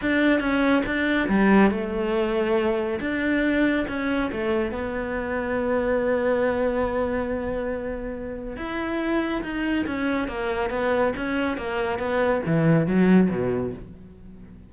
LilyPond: \new Staff \with { instrumentName = "cello" } { \time 4/4 \tempo 4 = 140 d'4 cis'4 d'4 g4 | a2. d'4~ | d'4 cis'4 a4 b4~ | b1~ |
b1 | e'2 dis'4 cis'4 | ais4 b4 cis'4 ais4 | b4 e4 fis4 b,4 | }